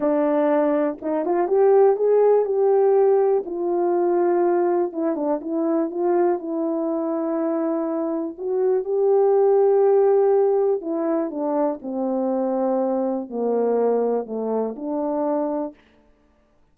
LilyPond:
\new Staff \with { instrumentName = "horn" } { \time 4/4 \tempo 4 = 122 d'2 dis'8 f'8 g'4 | gis'4 g'2 f'4~ | f'2 e'8 d'8 e'4 | f'4 e'2.~ |
e'4 fis'4 g'2~ | g'2 e'4 d'4 | c'2. ais4~ | ais4 a4 d'2 | }